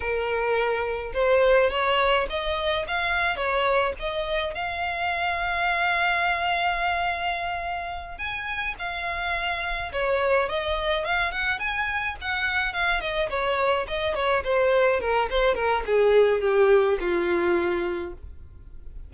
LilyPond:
\new Staff \with { instrumentName = "violin" } { \time 4/4 \tempo 4 = 106 ais'2 c''4 cis''4 | dis''4 f''4 cis''4 dis''4 | f''1~ | f''2~ f''8 gis''4 f''8~ |
f''4. cis''4 dis''4 f''8 | fis''8 gis''4 fis''4 f''8 dis''8 cis''8~ | cis''8 dis''8 cis''8 c''4 ais'8 c''8 ais'8 | gis'4 g'4 f'2 | }